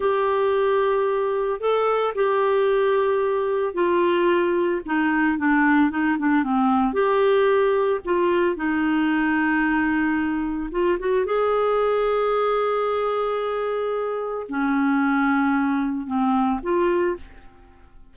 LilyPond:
\new Staff \with { instrumentName = "clarinet" } { \time 4/4 \tempo 4 = 112 g'2. a'4 | g'2. f'4~ | f'4 dis'4 d'4 dis'8 d'8 | c'4 g'2 f'4 |
dis'1 | f'8 fis'8 gis'2.~ | gis'2. cis'4~ | cis'2 c'4 f'4 | }